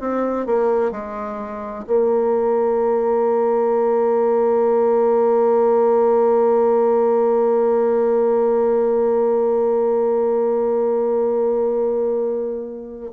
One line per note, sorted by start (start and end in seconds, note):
0.00 0.46 C4
0.46 0.91 A#3
0.91 1.85 G#3
1.87 13.12 A#3